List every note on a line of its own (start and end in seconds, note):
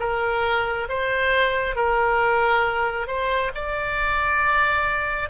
0.00 0.88 A#4
0.89 1.76 C5
1.76 3.08 A#4
3.08 3.52 C5
3.55 5.30 D5